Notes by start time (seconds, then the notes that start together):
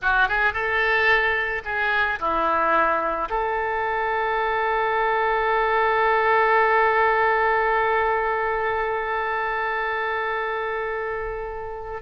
0.01 F#4
0.28 G#4
0.53 A4
1.64 G#4
2.19 E4
3.29 A4